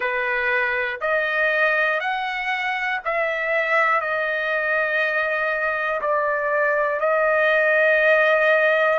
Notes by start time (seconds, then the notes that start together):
0.00 B4
1.00 D#5
2.00 F#5
3.05 E5
4.00 D#5
6.01 D5
7.00 D#5